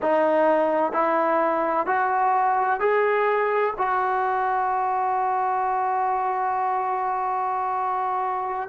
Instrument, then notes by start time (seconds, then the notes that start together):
trombone
0.02 D#4
0.92 E4
1.86 F#4
2.80 G#4
3.77 F#4